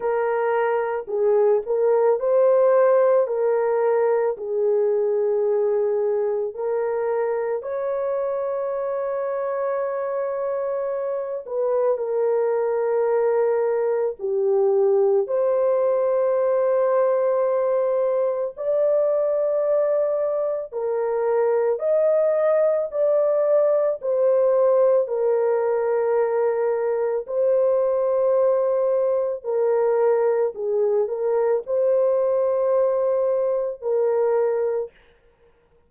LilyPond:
\new Staff \with { instrumentName = "horn" } { \time 4/4 \tempo 4 = 55 ais'4 gis'8 ais'8 c''4 ais'4 | gis'2 ais'4 cis''4~ | cis''2~ cis''8 b'8 ais'4~ | ais'4 g'4 c''2~ |
c''4 d''2 ais'4 | dis''4 d''4 c''4 ais'4~ | ais'4 c''2 ais'4 | gis'8 ais'8 c''2 ais'4 | }